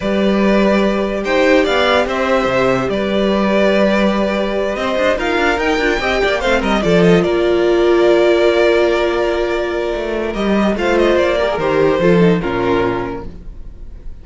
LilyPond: <<
  \new Staff \with { instrumentName = "violin" } { \time 4/4 \tempo 4 = 145 d''2. g''4 | f''4 e''2 d''4~ | d''2.~ d''8 dis''8~ | dis''8 f''4 g''2 f''8 |
dis''8 d''8 dis''8 d''2~ d''8~ | d''1~ | d''4 dis''4 f''8 dis''8 d''4 | c''2 ais'2 | }
  \new Staff \with { instrumentName = "violin" } { \time 4/4 b'2. c''4 | d''4 c''2 b'4~ | b'2.~ b'8 c''8~ | c''8 ais'2 dis''8 d''8 c''8 |
ais'8 a'4 ais'2~ ais'8~ | ais'1~ | ais'2 c''4. ais'8~ | ais'4 a'4 f'2 | }
  \new Staff \with { instrumentName = "viola" } { \time 4/4 g'1~ | g'1~ | g'1~ | g'8 f'4 dis'8 f'8 g'4 c'8~ |
c'8 f'2.~ f'8~ | f'1~ | f'4 g'4 f'4. g'16 gis'16 | g'4 f'8 dis'8 cis'2 | }
  \new Staff \with { instrumentName = "cello" } { \time 4/4 g2. dis'4 | b4 c'4 c4 g4~ | g2.~ g8 c'8 | d'8 dis'8 d'8 dis'8 d'8 c'8 ais8 a8 |
g8 f4 ais2~ ais8~ | ais1 | a4 g4 a4 ais4 | dis4 f4 ais,2 | }
>>